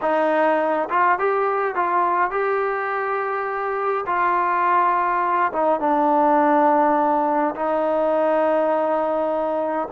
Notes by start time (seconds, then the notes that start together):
0.01 D#4
0.89 F4
1.18 G4
1.75 F4
2.30 G4
4.06 F4
5.52 D#4
5.80 D4
7.55 D#4